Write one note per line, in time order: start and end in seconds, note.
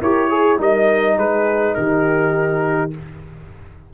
0.00 0.59 E4
0.00 0.30 G4
0.00 0.29 A#4
0.00 0.60 C#5
0.30 0.58 G#4
0.30 0.59 G#4
0.58 1.17 G3
0.58 2.91 D#4
0.58 1.16 A#4
0.58 1.18 D#5
1.16 1.75 G#3
1.16 1.74 G#4
1.16 1.74 B4
1.74 2.93 D#3
1.74 2.93 G4
1.74 2.91 A#4